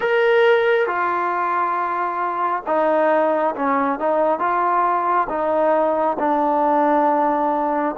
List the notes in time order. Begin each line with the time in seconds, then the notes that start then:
0.00 A#4
0.86 F4
2.66 D#4
3.55 C#4
3.99 D#4
4.39 F4
5.29 D#4
6.19 D4